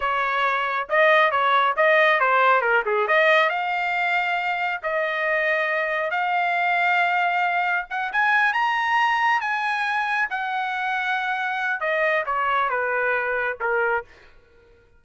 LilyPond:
\new Staff \with { instrumentName = "trumpet" } { \time 4/4 \tempo 4 = 137 cis''2 dis''4 cis''4 | dis''4 c''4 ais'8 gis'8 dis''4 | f''2. dis''4~ | dis''2 f''2~ |
f''2 fis''8 gis''4 ais''8~ | ais''4. gis''2 fis''8~ | fis''2. dis''4 | cis''4 b'2 ais'4 | }